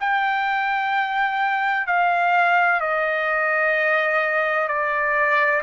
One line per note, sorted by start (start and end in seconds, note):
0.00 1.87 G5
1.87 2.80 F5
2.80 4.68 D#5
4.68 5.62 D5